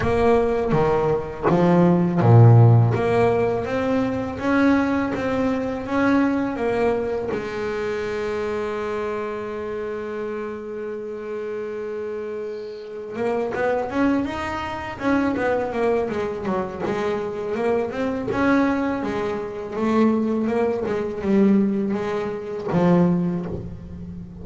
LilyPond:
\new Staff \with { instrumentName = "double bass" } { \time 4/4 \tempo 4 = 82 ais4 dis4 f4 ais,4 | ais4 c'4 cis'4 c'4 | cis'4 ais4 gis2~ | gis1~ |
gis2 ais8 b8 cis'8 dis'8~ | dis'8 cis'8 b8 ais8 gis8 fis8 gis4 | ais8 c'8 cis'4 gis4 a4 | ais8 gis8 g4 gis4 f4 | }